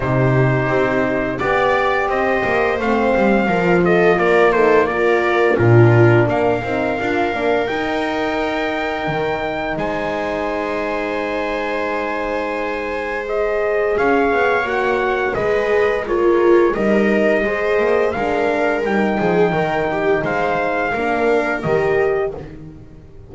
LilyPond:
<<
  \new Staff \with { instrumentName = "trumpet" } { \time 4/4 \tempo 4 = 86 c''2 d''4 dis''4 | f''4. dis''8 d''8 c''8 d''4 | ais'4 f''2 g''4~ | g''2 gis''2~ |
gis''2. dis''4 | f''4 fis''4 dis''4 cis''4 | dis''2 f''4 g''4~ | g''4 f''2 dis''4 | }
  \new Staff \with { instrumentName = "viola" } { \time 4/4 g'2 d''4 c''4~ | c''4 ais'8 a'8 ais'8 a'8 ais'4 | f'4 ais'2.~ | ais'2 c''2~ |
c''1 | cis''2 b'4 f'4 | ais'4 c''4 ais'4. gis'8 | ais'8 g'8 c''4 ais'2 | }
  \new Staff \with { instrumentName = "horn" } { \time 4/4 dis'2 g'2 | c'4 f'4. dis'8 f'4 | d'4. dis'8 f'8 d'8 dis'4~ | dis'1~ |
dis'2. gis'4~ | gis'4 fis'4 gis'4 ais'4 | dis'4 gis'4 d'4 dis'4~ | dis'2 d'4 g'4 | }
  \new Staff \with { instrumentName = "double bass" } { \time 4/4 c4 c'4 b4 c'8 ais8 | a8 g8 f4 ais2 | ais,4 ais8 c'8 d'8 ais8 dis'4~ | dis'4 dis4 gis2~ |
gis1 | cis'8 b8 ais4 gis2 | g4 gis8 ais8 gis4 g8 f8 | dis4 gis4 ais4 dis4 | }
>>